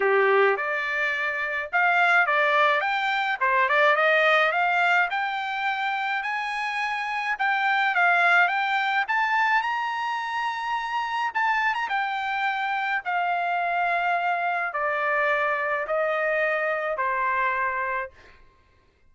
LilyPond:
\new Staff \with { instrumentName = "trumpet" } { \time 4/4 \tempo 4 = 106 g'4 d''2 f''4 | d''4 g''4 c''8 d''8 dis''4 | f''4 g''2 gis''4~ | gis''4 g''4 f''4 g''4 |
a''4 ais''2. | a''8. ais''16 g''2 f''4~ | f''2 d''2 | dis''2 c''2 | }